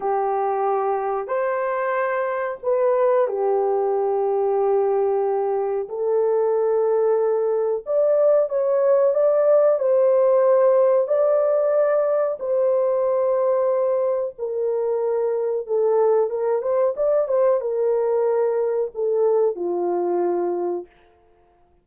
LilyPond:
\new Staff \with { instrumentName = "horn" } { \time 4/4 \tempo 4 = 92 g'2 c''2 | b'4 g'2.~ | g'4 a'2. | d''4 cis''4 d''4 c''4~ |
c''4 d''2 c''4~ | c''2 ais'2 | a'4 ais'8 c''8 d''8 c''8 ais'4~ | ais'4 a'4 f'2 | }